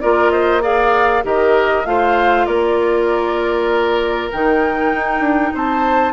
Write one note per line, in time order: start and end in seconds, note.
0.00 1.24 A#3
0.00 0.61 F4
0.00 0.32 A#4
0.00 0.31 D5
0.31 0.62 C5
0.31 0.61 D#5
0.61 1.22 G#4
0.61 1.23 D5
0.61 1.24 F5
1.23 1.85 D#3
1.23 1.84 G4
1.23 1.86 A#4
1.23 1.85 D#5
1.85 2.46 A3
1.85 4.30 F4
1.85 2.46 C5
1.85 2.45 F5
2.45 4.30 A#3
2.45 5.53 A#4
2.45 4.29 D5
4.32 4.93 D#3
4.32 6.12 D#4
4.32 5.54 G5
4.93 5.20 D#4
5.20 5.50 D4
5.54 6.12 C4
5.54 6.12 C5
5.54 6.12 A5